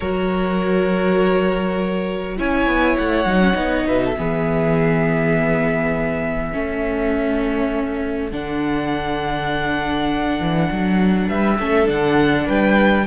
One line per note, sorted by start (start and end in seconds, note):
0.00 2.38 F#3
0.00 2.37 F#4
0.00 2.36 A#4
0.00 2.38 C#5
2.37 2.66 C#4
2.37 3.26 E4
2.37 3.86 C#5
2.37 2.97 G#5
2.66 2.96 B3
2.97 3.25 A3
2.97 3.86 F#5
3.25 3.55 F#3
3.25 3.41 D#4
3.41 3.53 C#4
3.53 3.85 B3
3.53 4.12 D#4
3.86 4.17 B2
3.86 4.01 B4
3.86 8.32 E5
4.04 4.18 A4
4.17 6.54 E3
4.17 6.52 B3
4.17 6.52 G#4
6.52 8.32 A3
6.52 8.30 C#4
6.52 11.27 A4
8.31 10.39 D3
8.31 11.58 D4
8.31 11.29 F#5
10.40 10.69 E3
10.71 11.28 F#3
11.27 11.58 G3
11.27 11.57 B4
11.27 11.88 E5
11.59 11.88 A3
11.59 11.85 C#4
11.59 12.45 A4
11.85 12.48 D3
11.85 13.04 D4
11.85 12.48 F#5
12.45 13.07 G3
12.45 13.05 B4
12.45 13.07 G5